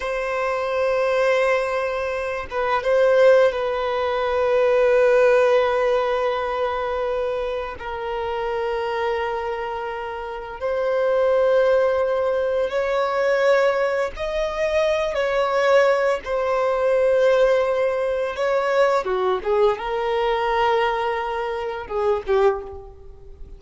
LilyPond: \new Staff \with { instrumentName = "violin" } { \time 4/4 \tempo 4 = 85 c''2.~ c''8 b'8 | c''4 b'2.~ | b'2. ais'4~ | ais'2. c''4~ |
c''2 cis''2 | dis''4. cis''4. c''4~ | c''2 cis''4 fis'8 gis'8 | ais'2. gis'8 g'8 | }